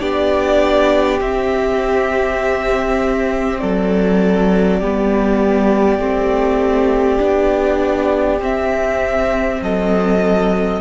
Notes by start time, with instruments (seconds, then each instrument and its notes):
0.00 cello B3, viola D4, violin G4 D5
1.21 cello C4, viola C4, violin E5
3.59 cello F#3, violin A4 D5
4.80 cello G3, viola B3, violin G4
5.99 cello A3, viola C4
7.19 cello B3, viola D4
8.40 cello C4, viola C4, violin E5
9.62 cello F#3, violin A4 D#5